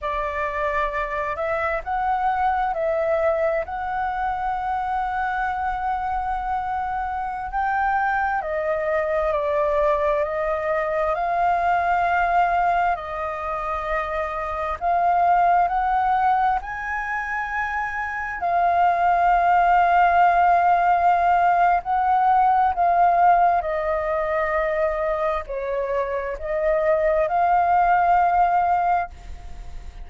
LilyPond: \new Staff \with { instrumentName = "flute" } { \time 4/4 \tempo 4 = 66 d''4. e''8 fis''4 e''4 | fis''1~ | fis''16 g''4 dis''4 d''4 dis''8.~ | dis''16 f''2 dis''4.~ dis''16~ |
dis''16 f''4 fis''4 gis''4.~ gis''16~ | gis''16 f''2.~ f''8. | fis''4 f''4 dis''2 | cis''4 dis''4 f''2 | }